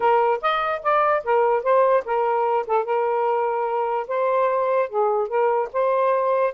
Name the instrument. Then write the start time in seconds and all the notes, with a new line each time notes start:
saxophone
0.00 A#4
0.41 D#5
0.82 D5
1.24 A#4
1.63 C5
2.05 A#4
2.66 A4
2.84 A#4
4.07 C5
4.89 G#4
5.28 A#4
5.73 C5